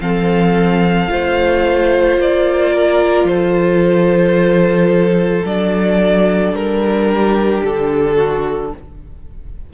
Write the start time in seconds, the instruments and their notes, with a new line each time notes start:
0.00 cello F3, viola C4, violin A4 F5
1.08 cello A3, viola F4, violin C5
2.17 cello A#3, violin D5
2.73 violin A#4
3.24 cello F3, violin A4 C5
5.45 cello F#3, viola D4, violin D5
6.52 cello G3, violin A#4
7.11 violin G4
7.64 cello D3, violin A4
8.15 violin F#4